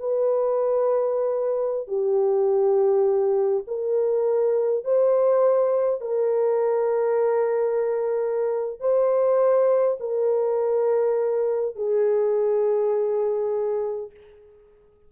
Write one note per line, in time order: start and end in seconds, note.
0.00 1.88 B4
1.88 3.64 G4
3.68 4.85 A#4
4.85 6.01 C5
6.01 8.80 A#4
8.80 9.98 C5
10.01 11.76 A#4
11.76 14.11 G#4